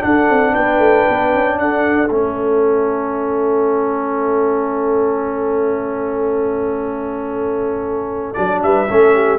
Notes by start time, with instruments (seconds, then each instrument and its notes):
0.00 trombone D4, tuba D4, horn A4, trumpet F#5
0.30 tuba C4
0.53 tuba B3, horn B4, trumpet G5
0.79 tuba A3
1.09 tuba B3
1.34 tuba C#4
1.59 tuba D4, horn A4, trumpet F#5
2.10 tuba A3, trombone C#4, trumpet E5
8.33 tuba F#3, trombone D4, trumpet D5
8.63 tuba G3, horn B4, trumpet E5
8.88 tuba A3, trombone C#4, horn A4
9.15 horn G4